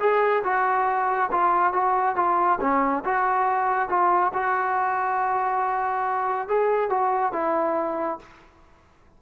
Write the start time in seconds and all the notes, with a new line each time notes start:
0.00 G#4
0.44 F#4
1.32 F4
1.74 F#4
2.16 F4
2.61 C#4
3.05 F#4
3.89 F4
4.34 F#4
6.49 G#4
6.90 F#4
7.33 E4